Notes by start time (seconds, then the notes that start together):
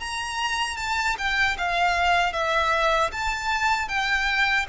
0.00 A#5
0.77 A5
1.18 G5
1.58 F5
2.33 E5
3.12 A5
3.89 G5